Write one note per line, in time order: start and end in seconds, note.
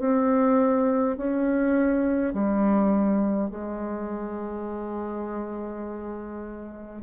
0.00 1.17 C4
1.17 2.34 C#4
2.34 3.51 G3
3.51 7.03 G#3